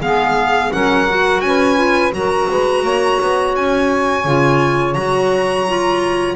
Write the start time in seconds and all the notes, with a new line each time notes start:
0.00 G#3 B3 G#4 F5
0.72 F#3 C#4 A#4 F#5
1.08 F#4
1.41 C#4 G#5
1.47 B4
1.76 F4
2.11 F#3 F#4 A#4 A#5
2.49 G#3 B4
2.83 A#3 C#5
3.22 B3
3.56 C#4 G#5
4.24 C#3 F4
4.94 F#3 F#4 A#5
5.68 F4